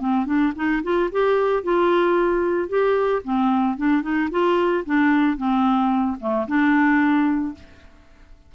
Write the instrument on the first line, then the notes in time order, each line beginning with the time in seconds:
clarinet
0.00 C4
0.26 D4
0.56 D#4
0.84 F4
1.12 G4
1.63 F4
2.69 G4
3.24 C4
3.77 D4
4.03 D#4
4.31 F4
4.86 D4
5.38 C4
6.20 A3
6.48 D4